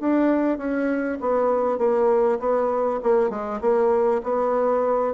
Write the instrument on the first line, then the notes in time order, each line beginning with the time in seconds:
bassoon
0.00 D4
0.58 C#4
1.21 B3
1.79 A#3
2.40 B3
3.04 A#3
3.30 G#3
3.61 A#3
4.24 B3